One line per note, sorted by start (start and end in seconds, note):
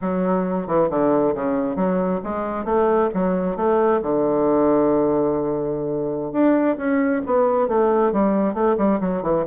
0.01 0.67 F#3
0.67 0.89 E3
0.89 1.34 D3
1.34 1.76 C#3
1.76 2.20 F#3
2.23 2.64 G#3
2.64 3.09 A3
3.14 3.56 F#3
3.56 4.00 A3
4.01 6.32 D3
6.32 6.77 D4
6.77 7.21 C#4
7.25 7.67 B3
7.67 8.12 A3
8.12 8.53 G3
8.53 8.76 A3
8.77 8.99 G3
9.00 9.22 F#3
9.22 9.44 E3